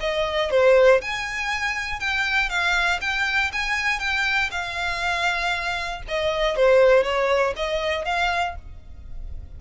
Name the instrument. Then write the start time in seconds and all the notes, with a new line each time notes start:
violin
0.00 D#5
0.50 C5
1.01 G#5
2.00 G5
2.49 F5
3.01 G5
3.52 G#5
3.99 G5
4.51 F5
6.08 D#5
6.56 C5
7.03 C#5
7.56 D#5
8.05 F5